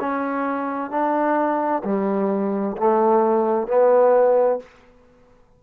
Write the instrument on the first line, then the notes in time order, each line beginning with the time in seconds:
trombone
0.00 C#4
0.90 D4
1.84 G3
2.77 A3
3.67 B3